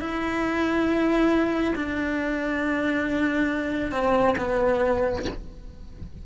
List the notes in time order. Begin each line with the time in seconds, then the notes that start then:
0.00 E4
1.75 D4
3.92 C4
4.38 B3